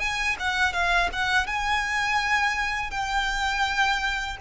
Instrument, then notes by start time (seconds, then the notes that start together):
violin
0.00 G#5
0.40 F#5
0.74 F5
1.13 F#5
1.47 G#5
2.91 G5